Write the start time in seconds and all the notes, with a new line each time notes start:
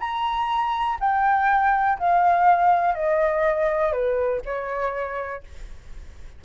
0.00 A#5
1.00 G5
1.99 F5
2.95 D#5
3.93 B4
4.45 C#5